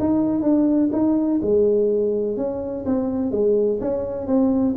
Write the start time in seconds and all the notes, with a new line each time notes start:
0.00 D#4
0.43 D4
0.93 D#4
1.43 G#3
2.37 C#4
2.86 C4
3.32 G#3
3.81 C#4
4.27 C4